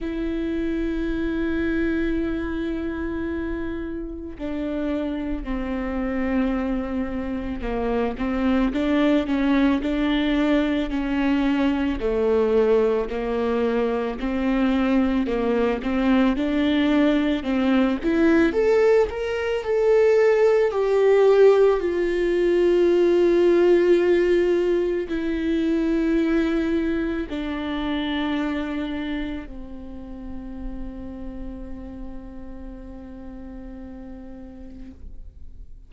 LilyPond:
\new Staff \with { instrumentName = "viola" } { \time 4/4 \tempo 4 = 55 e'1 | d'4 c'2 ais8 c'8 | d'8 cis'8 d'4 cis'4 a4 | ais4 c'4 ais8 c'8 d'4 |
c'8 e'8 a'8 ais'8 a'4 g'4 | f'2. e'4~ | e'4 d'2 c'4~ | c'1 | }